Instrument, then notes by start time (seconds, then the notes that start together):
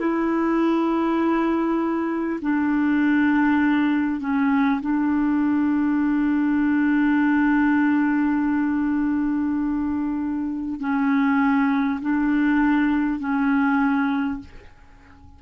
clarinet
0.00 E4
2.42 D4
4.21 C#4
4.81 D4
10.80 C#4
12.02 D4
13.20 C#4